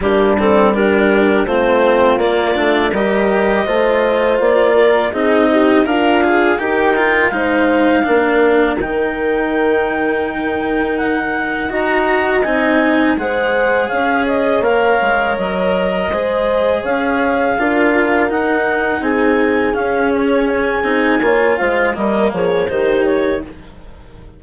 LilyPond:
<<
  \new Staff \with { instrumentName = "clarinet" } { \time 4/4 \tempo 4 = 82 g'8 a'8 ais'4 c''4 d''4 | dis''2 d''4 dis''4 | f''4 g''4 f''2 | g''2. fis''4 |
ais''4 gis''4 fis''4 f''8 dis''8 | f''4 dis''2 f''4~ | f''4 fis''4 gis''4 f''8 cis''8 | gis''4. f''8 dis''8 cis''8 c''8 cis''8 | }
  \new Staff \with { instrumentName = "horn" } { \time 4/4 d'4 g'4 f'2 | ais'4 c''4. ais'8 gis'8 g'8 | f'4 ais'4 c''4 ais'4~ | ais'1 |
dis''2 c''4 cis''4~ | cis''2 c''4 cis''4 | ais'2 gis'2~ | gis'4 cis''8 c''8 ais'8 gis'8 g'4 | }
  \new Staff \with { instrumentName = "cello" } { \time 4/4 ais8 c'8 d'4 c'4 ais8 d'8 | g'4 f'2 dis'4 | ais'8 gis'8 g'8 f'8 dis'4 d'4 | dis'1 |
fis'4 dis'4 gis'2 | ais'2 gis'2 | f'4 dis'2 cis'4~ | cis'8 dis'8 f'4 ais4 dis'4 | }
  \new Staff \with { instrumentName = "bassoon" } { \time 4/4 g2 a4 ais8 a8 | g4 a4 ais4 c'4 | d'4 dis'4 gis4 ais4 | dis1 |
dis'4 c'4 gis4 cis'4 | ais8 gis8 fis4 gis4 cis'4 | d'4 dis'4 c'4 cis'4~ | cis'8 c'8 ais8 gis8 g8 f8 dis4 | }
>>